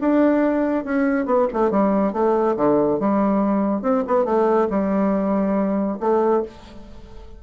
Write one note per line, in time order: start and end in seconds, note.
0.00 0.84 D4
0.84 1.25 C#4
1.25 1.47 B3
1.53 1.70 A3
1.70 2.13 G3
2.13 2.56 A3
2.56 2.99 D3
2.99 3.82 G3
3.82 4.03 C4
4.07 4.25 B3
4.25 4.68 A3
4.69 5.98 G3
6.00 6.43 A3